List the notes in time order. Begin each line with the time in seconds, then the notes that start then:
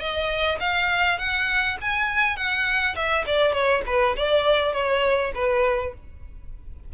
0.00 D#5
0.60 F5
1.19 F#5
1.82 G#5
2.37 F#5
2.96 E5
3.27 D5
3.53 C#5
3.87 B4
4.17 D5
4.74 C#5
5.35 B4